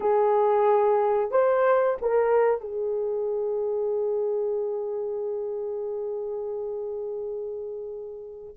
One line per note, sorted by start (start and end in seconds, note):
0.00 1.31 G#4
1.31 1.97 C5
2.01 2.60 A#4
2.60 8.54 G#4